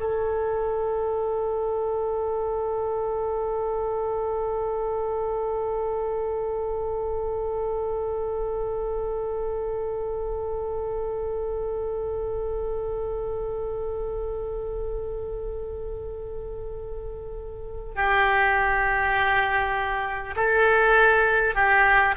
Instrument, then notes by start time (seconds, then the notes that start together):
oboe
0.00 A4
17.96 G4
20.36 A4
21.55 G4